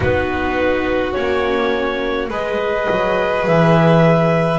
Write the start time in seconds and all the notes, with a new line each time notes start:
0.00 B3 D#4 F#4 B4
1.13 A#3 C#4 C#5
2.29 G#3 G#4 B4 D#5
2.90 F#3
3.46 E3 E5